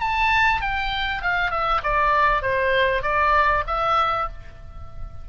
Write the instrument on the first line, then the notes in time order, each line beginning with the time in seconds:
oboe
0.00 A5
0.62 G5
1.22 F5
1.51 E5
1.83 D5
2.42 C5
3.03 D5
3.67 E5